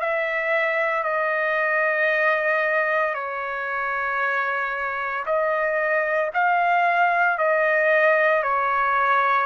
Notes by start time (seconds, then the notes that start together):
0.00 E5
1.03 D#5
3.14 C#5
5.26 D#5
6.33 F5
7.38 D#5
8.43 C#5